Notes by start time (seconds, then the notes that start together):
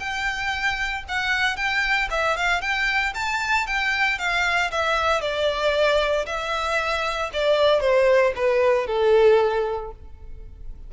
0.00 G5
1.09 F#5
1.57 G5
2.11 E5
2.37 F5
2.62 G5
3.15 A5
3.68 G5
4.19 F5
4.72 E5
5.22 D5
6.26 E5
7.34 D5
7.81 C5
8.36 B4
8.87 A4